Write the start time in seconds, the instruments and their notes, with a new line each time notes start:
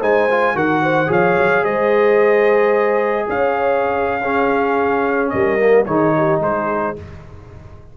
0.00 tuba G#3, trombone D#4, horn C5, trumpet G#5
0.30 trombone F4
0.54 tuba D#3, trombone F#4, horn A#4, trumpet F#5
0.82 horn C5
1.06 tuba F3, trombone G#4, horn C#5, trumpet F5
1.37 tuba F#3
1.63 tuba G#3, horn C5, trumpet D#5
3.29 tuba C#4, horn C#5, trumpet F5
4.22 trombone C#4, horn G#4
5.30 tuba G3, horn A#4, trumpet D#5
5.59 trombone A#3
5.86 tuba D#3, trombone D#4, horn G#4, trumpet C#5
6.16 horn G4
6.40 tuba G#3, horn G#4, trumpet C5